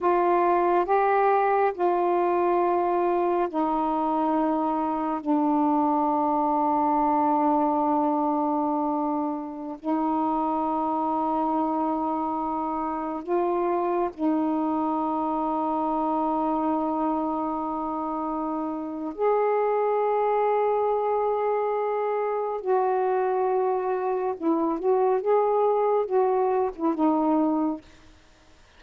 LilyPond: \new Staff \with { instrumentName = "saxophone" } { \time 4/4 \tempo 4 = 69 f'4 g'4 f'2 | dis'2 d'2~ | d'2.~ d'16 dis'8.~ | dis'2.~ dis'16 f'8.~ |
f'16 dis'2.~ dis'8.~ | dis'2 gis'2~ | gis'2 fis'2 | e'8 fis'8 gis'4 fis'8. e'16 dis'4 | }